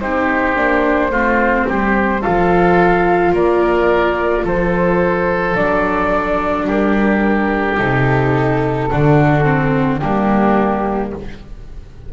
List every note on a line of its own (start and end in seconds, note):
0.00 0.56 C4
0.00 0.56 D#4
0.00 1.11 G4
0.00 2.22 C5
0.56 1.10 A#3
0.56 1.11 D4
1.10 1.66 A3
1.10 2.22 C4
1.10 1.67 F4
1.68 2.24 G3
1.68 2.21 G4
2.21 3.33 F3
2.21 5.55 F4
2.21 3.32 A4
2.21 3.33 F5
3.33 4.44 A#3
3.33 4.44 A#4
3.33 4.46 D5
4.44 5.56 F3
4.44 6.67 A4
4.44 5.56 C5
5.55 6.67 F#3
5.55 7.77 D4
5.55 6.67 D5
6.67 7.78 G3
6.67 8.89 G4
6.67 7.77 A#4
7.77 8.91 C3
7.77 8.88 D#4
7.77 9.98 A4
8.89 10.02 D3
8.89 9.44 D4
8.89 10.00 F#4
9.44 10.00 C4
9.98 11.13 G3
9.98 11.13 A#3
9.98 11.11 D4
9.98 11.09 G4